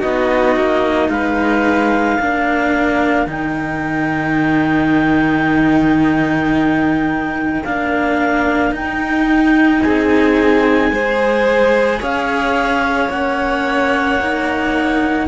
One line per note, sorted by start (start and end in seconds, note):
0.00 0.57 B3
0.00 2.20 D#4
0.00 1.09 F#4
0.00 1.10 D#5
0.57 1.10 A#3
1.10 2.19 G#3
1.10 2.19 B4
1.10 3.28 F5
2.19 3.26 A#3
2.19 3.27 D4
2.19 9.83 A#4
3.26 7.63 D#3
3.26 7.64 D#4
3.26 7.65 G5
7.65 8.71 A#3
7.65 8.75 D4
7.65 8.74 F5
8.71 9.80 D#4
8.71 10.92 D#4
8.71 9.82 G5
9.82 10.91 C4
9.82 10.93 G#4
9.82 12.01 G#5
10.91 12.00 G#3
10.91 13.10 G#4
10.91 12.00 C5
12.00 13.10 C#4
12.00 15.27 C#5
12.00 13.10 F5
13.10 15.28 A#3
13.10 14.20 C#4
13.10 15.28 F#5
14.21 15.29 D#4